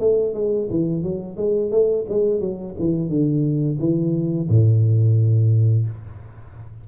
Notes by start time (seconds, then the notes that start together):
0.00 A3
0.34 G#3
0.71 E3
1.03 F#3
1.37 G#3
1.71 A3
2.09 G#3
2.40 F#3
2.80 E3
3.09 D3
3.80 E3
4.49 A2